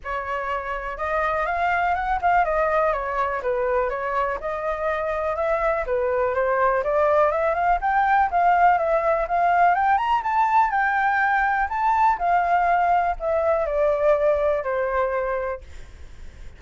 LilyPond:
\new Staff \with { instrumentName = "flute" } { \time 4/4 \tempo 4 = 123 cis''2 dis''4 f''4 | fis''8 f''8 dis''4 cis''4 b'4 | cis''4 dis''2 e''4 | b'4 c''4 d''4 e''8 f''8 |
g''4 f''4 e''4 f''4 | g''8 ais''8 a''4 g''2 | a''4 f''2 e''4 | d''2 c''2 | }